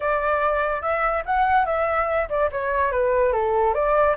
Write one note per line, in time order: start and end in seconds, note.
0.00 0.81 D5
0.81 1.23 E5
1.25 1.65 F#5
1.65 2.28 E5
2.29 2.49 D5
2.51 2.91 C#5
2.91 3.32 B4
3.32 3.73 A4
3.73 4.15 D5